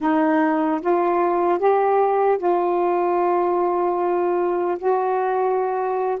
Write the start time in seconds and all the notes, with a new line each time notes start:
0.00 D#4
0.81 F4
1.59 G4
2.37 F4
4.78 F#4